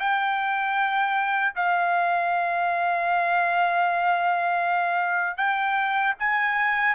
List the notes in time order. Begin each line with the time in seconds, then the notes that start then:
0.00 G5
1.56 F5
5.37 G5
6.20 G#5